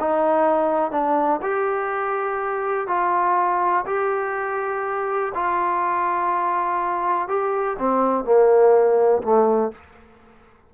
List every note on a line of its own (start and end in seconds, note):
0.00 0.92 D#4
0.92 1.40 D4
1.42 2.88 G4
2.88 3.85 F4
3.86 5.33 G4
5.35 7.28 F4
7.28 7.77 G4
7.79 8.25 C4
8.25 9.22 A#3
9.23 9.72 A3